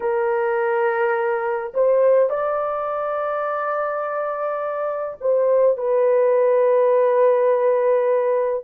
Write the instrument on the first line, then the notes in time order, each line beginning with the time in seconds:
horn
0.00 A#4
1.74 C5
2.29 D5
5.20 C5
5.77 B4